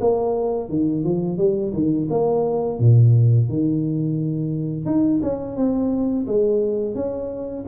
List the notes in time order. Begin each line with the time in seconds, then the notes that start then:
0.00 A#3
0.69 D#3
1.03 F3
1.37 G3
1.73 D#3
2.10 A#3
2.79 A#2
3.49 D#3
4.85 D#4
5.22 C#4
5.56 C4
6.26 G#3
6.95 C#4